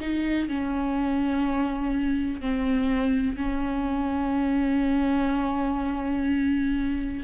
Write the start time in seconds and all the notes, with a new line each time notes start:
0.00 D#4
0.49 C#4
2.41 C4
3.37 C#4